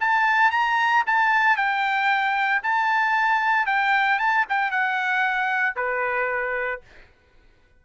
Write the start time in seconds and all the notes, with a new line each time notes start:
0.00 A5
0.51 A#5
1.06 A5
1.56 G5
2.63 A5
3.66 G5
4.19 A5
4.49 G5
4.71 F#5
5.76 B4